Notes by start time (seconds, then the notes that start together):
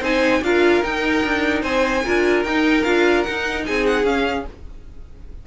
0.00 C4 D#4 C5 G#5
0.42 D4 F4 A#4 F5
0.83 D#4 G5
1.25 D4
1.62 C4 C5 G#5
2.05 D4 F4 A#4
2.44 D#4 G5
2.83 D4 F4 F5
3.23 D#4 F#5
3.66 C4 G#4 G#5
3.86 F#5
4.04 C#4 F5